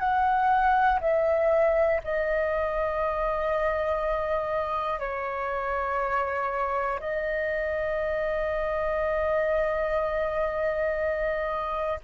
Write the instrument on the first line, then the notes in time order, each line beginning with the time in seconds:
flute
0.00 F#5
1.01 E5
2.05 D#5
5.00 C#5
7.00 D#5